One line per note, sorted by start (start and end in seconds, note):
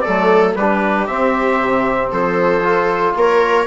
0.00 0.56 A4
0.00 0.52 D5
0.06 0.55 F#3
0.06 0.58 A3
0.55 1.07 G3
0.55 1.08 D4
0.55 2.11 G4
0.55 1.07 B4
1.07 2.62 C4
1.07 1.60 C4
1.07 2.10 E5
1.60 2.11 C3
2.11 3.15 F3
2.11 3.15 A4
2.11 3.16 C5
2.62 3.66 F4
3.15 3.66 A#3
3.15 3.67 A#4
3.15 3.67 C#5